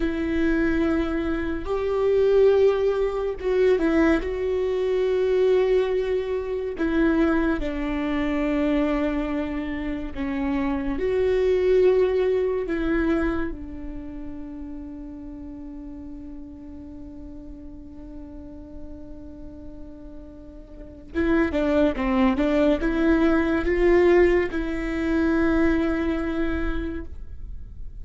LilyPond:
\new Staff \with { instrumentName = "viola" } { \time 4/4 \tempo 4 = 71 e'2 g'2 | fis'8 e'8 fis'2. | e'4 d'2. | cis'4 fis'2 e'4 |
d'1~ | d'1~ | d'4 e'8 d'8 c'8 d'8 e'4 | f'4 e'2. | }